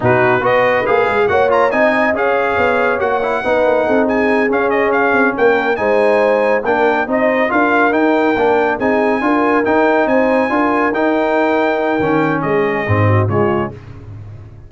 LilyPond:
<<
  \new Staff \with { instrumentName = "trumpet" } { \time 4/4 \tempo 4 = 140 b'4 dis''4 f''4 fis''8 ais''8 | gis''4 f''2 fis''4~ | fis''4. gis''4 f''8 dis''8 f''8~ | f''8 g''4 gis''2 g''8~ |
g''8 dis''4 f''4 g''4.~ | g''8 gis''2 g''4 gis''8~ | gis''4. g''2~ g''8~ | g''4 dis''2 cis''4 | }
  \new Staff \with { instrumentName = "horn" } { \time 4/4 fis'4 b'2 cis''4 | dis''4 cis''2. | b'4 a'8 gis'2~ gis'8~ | gis'8 ais'4 c''2 ais'8~ |
ais'8 c''4 ais'2~ ais'8~ | ais'8 gis'4 ais'2 c''8~ | c''8 ais'2.~ ais'8~ | ais'4 gis'4. fis'8 f'4 | }
  \new Staff \with { instrumentName = "trombone" } { \time 4/4 dis'4 fis'4 gis'4 fis'8 f'8 | dis'4 gis'2 fis'8 e'8 | dis'2~ dis'8 cis'4.~ | cis'4. dis'2 d'8~ |
d'8 dis'4 f'4 dis'4 d'8~ | d'8 dis'4 f'4 dis'4.~ | dis'8 f'4 dis'2~ dis'8 | cis'2 c'4 gis4 | }
  \new Staff \with { instrumentName = "tuba" } { \time 4/4 b,4 b4 ais8 gis8 ais4 | c'4 cis'4 b4 ais4 | b8 ais8 c'4. cis'4. | c'8 ais4 gis2 ais8~ |
ais8 c'4 d'4 dis'4 ais8~ | ais8 c'4 d'4 dis'4 c'8~ | c'8 d'4 dis'2~ dis'8 | dis4 gis4 gis,4 cis4 | }
>>